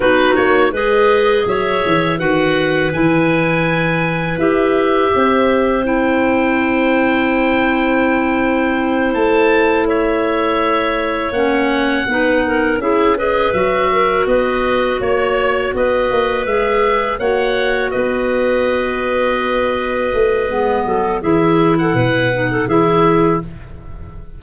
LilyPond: <<
  \new Staff \with { instrumentName = "oboe" } { \time 4/4 \tempo 4 = 82 b'8 cis''8 dis''4 e''4 fis''4 | gis''2 e''2 | g''1~ | g''8 a''4 e''2 fis''8~ |
fis''4. e''8 dis''8 e''4 dis''8~ | dis''8 cis''4 dis''4 e''4 fis''8~ | fis''8 dis''2.~ dis''8~ | dis''4 e''8. fis''4~ fis''16 e''4 | }
  \new Staff \with { instrumentName = "clarinet" } { \time 4/4 fis'4 b'4 cis''4 b'4~ | b'2. c''4~ | c''1~ | c''4. cis''2~ cis''8~ |
cis''8 b'8 ais'8 gis'8 b'4 ais'8 b'8~ | b'8 cis''4 b'2 cis''8~ | cis''8 b'2.~ b'8~ | b'8 a'8 gis'8. a'16 b'8. a'16 gis'4 | }
  \new Staff \with { instrumentName = "clarinet" } { \time 4/4 dis'4 gis'2 fis'4 | e'2 g'2 | e'1~ | e'2.~ e'8 cis'8~ |
cis'8 dis'4 e'8 gis'8 fis'4.~ | fis'2~ fis'8 gis'4 fis'8~ | fis'1 | b4 e'4. dis'8 e'4 | }
  \new Staff \with { instrumentName = "tuba" } { \time 4/4 b8 ais8 gis4 fis8 e8 dis4 | e2 e'4 c'4~ | c'1~ | c'8 a2. ais8~ |
ais8 b4 cis'4 fis4 b8~ | b8 ais4 b8 ais8 gis4 ais8~ | ais8 b2. a8 | gis8 fis8 e4 b,4 e4 | }
>>